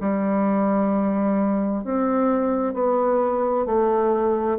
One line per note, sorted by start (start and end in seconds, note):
0.00 1.84 G3
1.84 2.74 C4
2.74 3.65 B3
3.65 4.58 A3